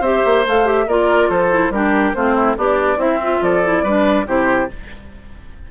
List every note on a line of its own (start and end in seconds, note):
0.00 0.21 C4
0.00 0.45 G4
0.00 0.85 C5
0.00 0.45 E5
0.25 0.46 A#3
0.46 0.86 A3
0.46 0.65 A4
0.46 0.68 F5
0.65 0.86 G4
0.65 0.88 E5
0.86 1.29 A#3
0.86 1.50 F4
0.86 1.29 A#4
0.86 1.30 D5
1.29 1.70 F3
1.29 1.71 A4
1.29 1.71 C5
1.50 1.71 E4
1.70 2.12 G3
1.70 2.15 D4
1.70 2.16 G4
1.70 2.14 A#4
2.14 2.57 A3
2.14 2.57 C4
2.14 2.34 F4
2.14 2.56 C5
2.34 2.55 E4
2.57 2.97 B3
2.57 2.97 D4
2.57 2.97 G4
2.57 3.00 D5
2.97 3.39 C4
2.97 3.40 C4
2.97 3.19 E4
2.97 3.43 E5
3.22 3.63 F4
3.41 3.83 F3
3.41 3.83 A4
3.41 4.27 D5
3.63 3.84 E4
3.83 4.25 G3
3.83 4.26 D4
3.83 4.25 B4
4.26 4.69 C3
4.26 4.68 E4
4.26 4.69 G4
4.26 4.71 C5